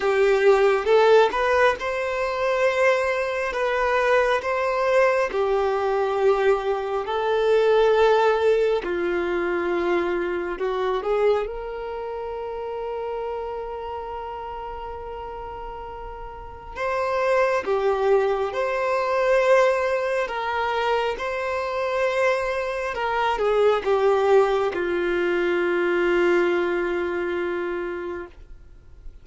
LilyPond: \new Staff \with { instrumentName = "violin" } { \time 4/4 \tempo 4 = 68 g'4 a'8 b'8 c''2 | b'4 c''4 g'2 | a'2 f'2 | fis'8 gis'8 ais'2.~ |
ais'2. c''4 | g'4 c''2 ais'4 | c''2 ais'8 gis'8 g'4 | f'1 | }